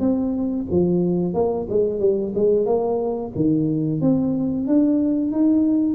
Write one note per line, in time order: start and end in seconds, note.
0.00 0.66 C4
0.71 1.34 F3
1.34 1.67 A#3
1.69 2.00 G#3
2.00 2.33 G3
2.35 2.66 G#3
2.66 3.32 A#3
3.36 4.01 D#3
4.01 4.67 C4
4.67 5.32 D4
5.32 5.95 D#4